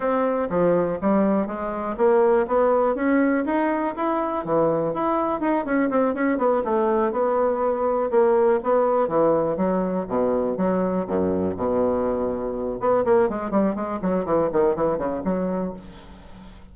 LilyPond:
\new Staff \with { instrumentName = "bassoon" } { \time 4/4 \tempo 4 = 122 c'4 f4 g4 gis4 | ais4 b4 cis'4 dis'4 | e'4 e4 e'4 dis'8 cis'8 | c'8 cis'8 b8 a4 b4.~ |
b8 ais4 b4 e4 fis8~ | fis8 b,4 fis4 fis,4 b,8~ | b,2 b8 ais8 gis8 g8 | gis8 fis8 e8 dis8 e8 cis8 fis4 | }